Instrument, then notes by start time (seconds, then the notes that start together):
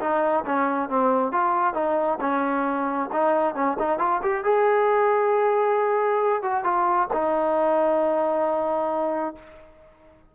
trombone
0.00 D#4
0.46 C#4
0.89 C4
1.32 F4
1.74 D#4
2.20 C#4
3.12 D#4
3.55 C#4
3.79 D#4
3.99 F4
4.22 G4
4.44 G#4
6.42 F#4
6.64 F4
7.13 D#4